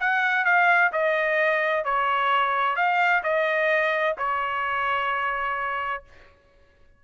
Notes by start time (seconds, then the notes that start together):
0.00 F#5
0.44 F5
0.92 D#5
1.84 C#5
2.76 F5
3.23 D#5
4.18 C#5